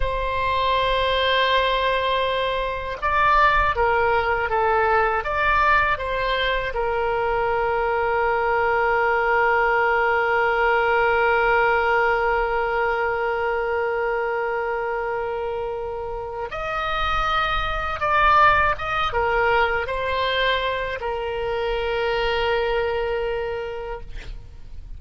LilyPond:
\new Staff \with { instrumentName = "oboe" } { \time 4/4 \tempo 4 = 80 c''1 | d''4 ais'4 a'4 d''4 | c''4 ais'2.~ | ais'1~ |
ais'1~ | ais'2 dis''2 | d''4 dis''8 ais'4 c''4. | ais'1 | }